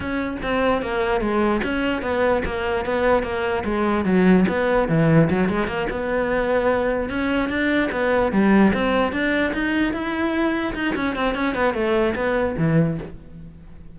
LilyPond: \new Staff \with { instrumentName = "cello" } { \time 4/4 \tempo 4 = 148 cis'4 c'4 ais4 gis4 | cis'4 b4 ais4 b4 | ais4 gis4 fis4 b4 | e4 fis8 gis8 ais8 b4.~ |
b4. cis'4 d'4 b8~ | b8 g4 c'4 d'4 dis'8~ | dis'8 e'2 dis'8 cis'8 c'8 | cis'8 b8 a4 b4 e4 | }